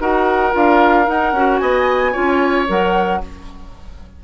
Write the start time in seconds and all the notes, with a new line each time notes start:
0.00 D#4 F#4 A#4 F#5
0.52 D4 F4 F5
1.06 D#4 F#5
1.33 C#4 F#4
1.59 B3 D#5 G#5
2.12 C#4 F4 C#5
2.68 F#3 A#4 F#5